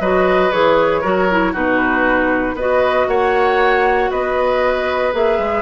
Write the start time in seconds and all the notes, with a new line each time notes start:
0.00 F#3 F#4 B4 D#5
0.51 E3 G#4 C#5
1.01 F#3 F#4 A#4
1.31 E4
1.52 B2 D#4 F#4 B4
2.54 B3 F#4 B4 D#5
3.08 A#3 C#5 F#5
4.10 B3 B4 D#5
5.12 A#3 G#4 E5
5.38 G#3